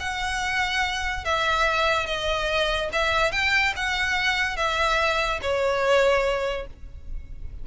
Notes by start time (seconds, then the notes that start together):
0.00 F#5
1.25 E5
2.06 D#5
2.93 E5
3.32 G5
3.76 F#5
4.56 E5
5.42 C#5